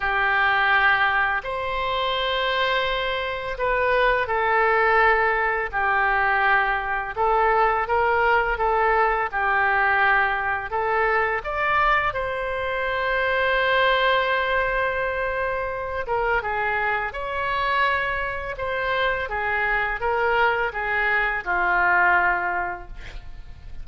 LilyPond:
\new Staff \with { instrumentName = "oboe" } { \time 4/4 \tempo 4 = 84 g'2 c''2~ | c''4 b'4 a'2 | g'2 a'4 ais'4 | a'4 g'2 a'4 |
d''4 c''2.~ | c''2~ c''8 ais'8 gis'4 | cis''2 c''4 gis'4 | ais'4 gis'4 f'2 | }